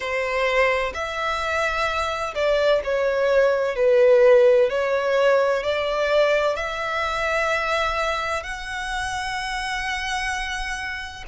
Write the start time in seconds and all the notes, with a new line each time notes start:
0.00 C5
0.94 E5
2.34 D5
2.84 C#5
3.75 B4
4.69 C#5
5.63 D5
6.56 E5
8.43 F#5